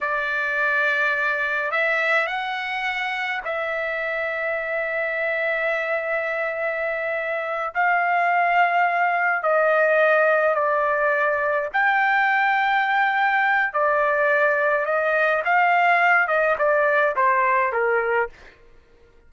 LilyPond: \new Staff \with { instrumentName = "trumpet" } { \time 4/4 \tempo 4 = 105 d''2. e''4 | fis''2 e''2~ | e''1~ | e''4. f''2~ f''8~ |
f''8 dis''2 d''4.~ | d''8 g''2.~ g''8 | d''2 dis''4 f''4~ | f''8 dis''8 d''4 c''4 ais'4 | }